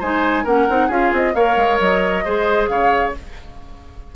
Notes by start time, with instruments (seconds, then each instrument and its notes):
0.00 bassoon G#3, clarinet D#4, oboe C5, flute G#5
0.44 bassoon A#3, clarinet C#4, oboe A#4, flute F#5
0.69 bassoon C4, clarinet D#4
0.87 bassoon C#4, clarinet F4, oboe G#4, flute F5
1.12 bassoon C4, flute D#5
1.35 bassoon A#3, clarinet A#4, oboe C#5, flute F5
1.57 bassoon G#3
1.80 bassoon F#3, flute D#5
2.25 bassoon G#3, clarinet G#4, oboe C5
2.68 bassoon C#3, oboe C#5, flute F5